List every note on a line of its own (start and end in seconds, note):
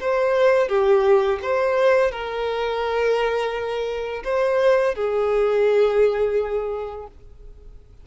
0.00 0.68 C5
0.68 1.39 G4
1.42 2.11 C5
2.11 4.23 A#4
4.24 4.95 C5
4.95 7.07 G#4